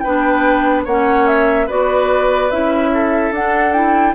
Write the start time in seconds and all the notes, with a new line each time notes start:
0.00 B3 D4 B4 G5
0.85 A#3 C#4 C#5 F#5
1.27 E5
1.67 B3 F#4 B4 D5
2.51 C#4 E4 E5
2.94 A4
3.31 D4 F#5
3.73 E4 G5